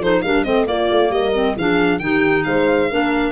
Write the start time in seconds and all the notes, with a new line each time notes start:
0.00 F3 D#4 A4 C5
0.22 G3 D4 A#4 F5
0.44 A3 C4 C5 D#5
0.66 A#3 F4 D5
0.91 A3
1.10 G3 A#4 D#5
1.34 C4
1.56 F3 D4 G#4 F5
1.99 D#3 D#4 G4 G5
2.44 G#3 C5 F5
2.90 A#3 D4 A#4